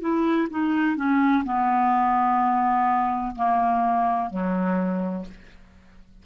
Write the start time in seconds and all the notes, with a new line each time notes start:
0.00 E4
0.50 D#4
0.97 C#4
1.45 B3
3.35 A#3
4.30 F#3